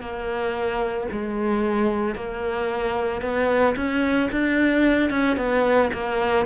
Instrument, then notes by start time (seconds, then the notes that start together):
cello
0.00 A#3
1.11 G#3
2.15 A#3
3.21 B3
3.75 C#4
4.31 D4
5.10 C#4
5.36 B3
5.93 A#3